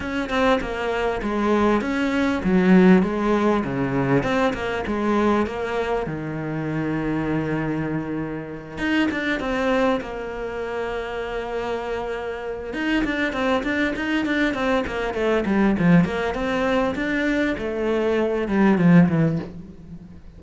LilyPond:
\new Staff \with { instrumentName = "cello" } { \time 4/4 \tempo 4 = 99 cis'8 c'8 ais4 gis4 cis'4 | fis4 gis4 cis4 c'8 ais8 | gis4 ais4 dis2~ | dis2~ dis8 dis'8 d'8 c'8~ |
c'8 ais2.~ ais8~ | ais4 dis'8 d'8 c'8 d'8 dis'8 d'8 | c'8 ais8 a8 g8 f8 ais8 c'4 | d'4 a4. g8 f8 e8 | }